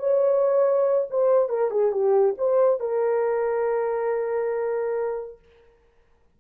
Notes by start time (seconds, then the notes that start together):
0.00 C#5
1.11 C5
1.50 A#4
1.71 G#4
1.92 G4
2.38 C5
2.80 A#4